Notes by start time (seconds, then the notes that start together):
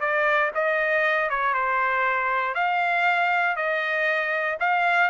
0.00 D5
0.55 D#5
1.29 C#5
1.54 C5
2.54 F5
3.56 D#5
4.60 F5